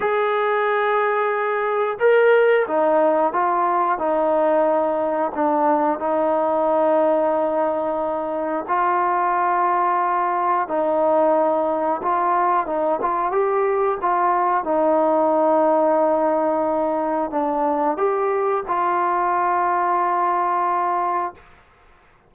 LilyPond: \new Staff \with { instrumentName = "trombone" } { \time 4/4 \tempo 4 = 90 gis'2. ais'4 | dis'4 f'4 dis'2 | d'4 dis'2.~ | dis'4 f'2. |
dis'2 f'4 dis'8 f'8 | g'4 f'4 dis'2~ | dis'2 d'4 g'4 | f'1 | }